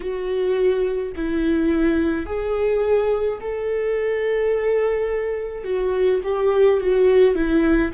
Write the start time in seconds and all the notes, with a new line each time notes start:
0.00 F#4
1.16 E4
2.26 G#4
3.40 A4
5.63 F#4
6.23 G4
6.80 F#4
7.35 E4